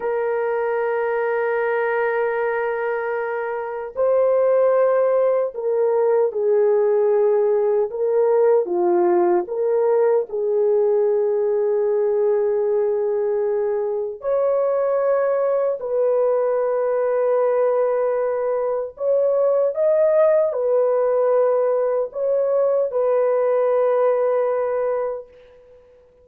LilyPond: \new Staff \with { instrumentName = "horn" } { \time 4/4 \tempo 4 = 76 ais'1~ | ais'4 c''2 ais'4 | gis'2 ais'4 f'4 | ais'4 gis'2.~ |
gis'2 cis''2 | b'1 | cis''4 dis''4 b'2 | cis''4 b'2. | }